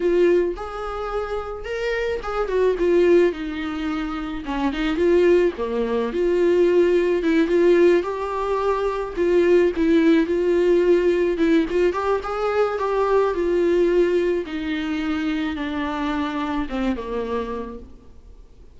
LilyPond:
\new Staff \with { instrumentName = "viola" } { \time 4/4 \tempo 4 = 108 f'4 gis'2 ais'4 | gis'8 fis'8 f'4 dis'2 | cis'8 dis'8 f'4 ais4 f'4~ | f'4 e'8 f'4 g'4.~ |
g'8 f'4 e'4 f'4.~ | f'8 e'8 f'8 g'8 gis'4 g'4 | f'2 dis'2 | d'2 c'8 ais4. | }